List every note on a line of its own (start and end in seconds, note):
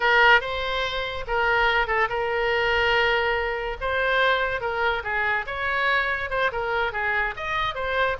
0.00 0.40 A#4
0.40 1.24 C5
1.27 1.87 A#4
1.87 2.08 A4
2.09 3.77 A#4
3.80 4.60 C5
4.60 5.02 A#4
5.03 5.45 G#4
5.46 6.30 C#5
6.30 6.51 C5
6.52 6.92 A#4
6.92 7.34 G#4
7.36 7.74 D#5
7.74 8.16 C5